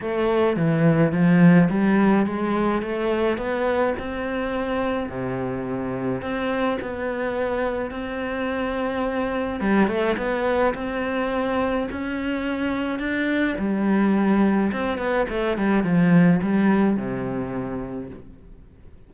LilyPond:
\new Staff \with { instrumentName = "cello" } { \time 4/4 \tempo 4 = 106 a4 e4 f4 g4 | gis4 a4 b4 c'4~ | c'4 c2 c'4 | b2 c'2~ |
c'4 g8 a8 b4 c'4~ | c'4 cis'2 d'4 | g2 c'8 b8 a8 g8 | f4 g4 c2 | }